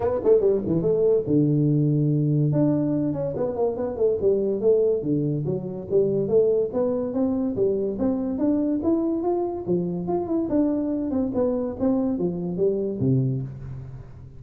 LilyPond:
\new Staff \with { instrumentName = "tuba" } { \time 4/4 \tempo 4 = 143 b8 a8 g8 e8 a4 d4~ | d2 d'4. cis'8 | b8 ais8 b8 a8 g4 a4 | d4 fis4 g4 a4 |
b4 c'4 g4 c'4 | d'4 e'4 f'4 f4 | f'8 e'8 d'4. c'8 b4 | c'4 f4 g4 c4 | }